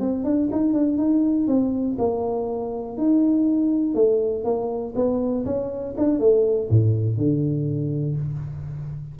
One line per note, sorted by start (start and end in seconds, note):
0.00 0.24 C4
0.24 0.49 D4
0.52 0.73 D#4
0.73 0.98 D4
0.98 1.47 D#4
1.47 1.97 C4
1.99 2.98 A#3
2.98 3.95 D#4
3.95 4.44 A3
4.44 4.94 A#3
4.96 5.45 B3
5.45 5.95 C#4
5.98 6.19 D4
6.19 6.69 A3
6.70 7.17 A2
7.17 8.16 D3